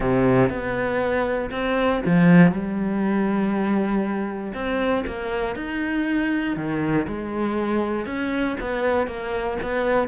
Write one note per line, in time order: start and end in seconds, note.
0.00 0.49 C3
0.49 1.50 B3
1.50 2.01 C4
2.05 2.51 F3
2.51 4.53 G3
4.54 5.04 C4
5.06 5.55 A#3
5.55 6.56 D#4
6.56 7.06 D#3
7.07 8.06 G#3
8.06 8.56 C#4
8.60 9.07 B3
9.07 9.57 A#3
9.62 10.07 B3